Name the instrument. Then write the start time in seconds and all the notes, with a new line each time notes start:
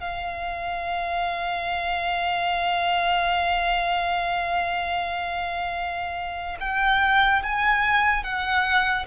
violin
0.00 F5
6.60 G5
7.43 G#5
8.23 F#5